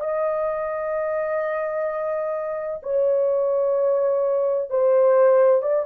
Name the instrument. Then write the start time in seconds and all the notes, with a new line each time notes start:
horn
0.00 D#5
2.83 C#5
4.70 C5
5.62 D5